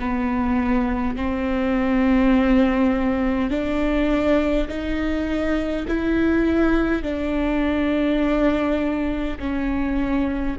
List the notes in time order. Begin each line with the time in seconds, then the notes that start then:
0.00 B3
1.16 C4
3.51 D4
4.68 D#4
5.88 E4
7.03 D4
9.39 C#4